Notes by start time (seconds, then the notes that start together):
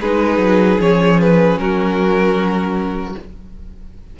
0.00 G#3 D#4 G#4 B4
0.37 F#3
0.79 F3 C#4 C#5
1.20 B4
1.56 F#3 F#4 A#4